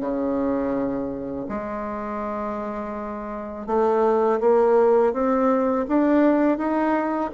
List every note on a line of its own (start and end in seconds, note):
0.00 1.46 C#3
1.48 3.67 G#3
3.67 4.40 A3
4.40 5.13 A#3
5.13 5.86 C4
5.88 6.58 D4
6.58 7.31 D#4